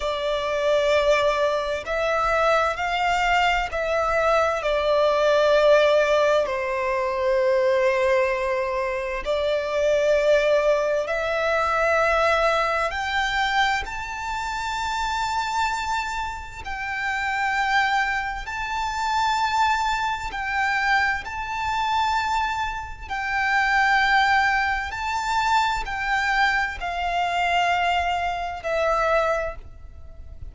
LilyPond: \new Staff \with { instrumentName = "violin" } { \time 4/4 \tempo 4 = 65 d''2 e''4 f''4 | e''4 d''2 c''4~ | c''2 d''2 | e''2 g''4 a''4~ |
a''2 g''2 | a''2 g''4 a''4~ | a''4 g''2 a''4 | g''4 f''2 e''4 | }